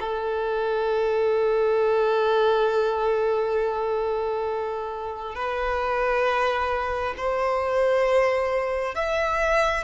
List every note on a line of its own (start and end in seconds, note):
0.00 5.35 A4
5.35 7.14 B4
7.17 8.95 C5
8.95 9.84 E5